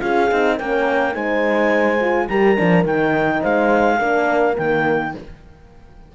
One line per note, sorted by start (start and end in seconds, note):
0.00 0.31 C#4
0.00 0.29 F4
0.00 0.55 G#4
0.00 0.57 F5
0.32 0.60 C4
0.32 0.60 D#4
0.55 1.16 A#3
0.55 1.13 C#4
0.55 1.12 A#4
0.55 1.15 G5
1.13 2.29 G#3
1.13 1.98 D#4
1.13 2.28 C5
1.13 2.28 G#5
2.01 2.29 F4
2.29 2.58 G3
2.29 2.57 G4
2.29 3.41 A#4
2.29 2.85 A#5
2.57 2.85 F3
2.57 2.86 D4
2.85 3.42 D#3
2.85 3.99 D#4
2.85 3.43 G5
3.41 4.01 G#3
3.41 3.98 C5
3.41 4.57 F5
3.99 4.57 A#3
3.99 4.57 D4
3.99 5.12 A#4
4.57 5.15 D#3
4.57 5.14 A#3
4.57 5.15 G5